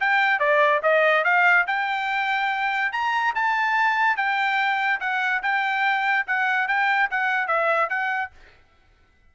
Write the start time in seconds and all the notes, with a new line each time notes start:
0.00 G5
0.39 D5
0.83 D#5
1.24 F5
1.67 G5
2.92 A#5
3.35 A5
4.16 G5
5.00 F#5
5.43 G5
6.27 F#5
6.68 G5
7.10 F#5
7.48 E5
7.89 F#5